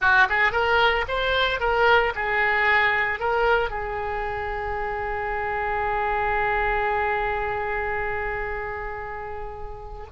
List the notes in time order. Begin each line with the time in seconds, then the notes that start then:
0.01 F#4
0.29 G#4
0.52 A#4
1.07 C5
1.60 A#4
2.15 G#4
3.19 A#4
3.70 G#4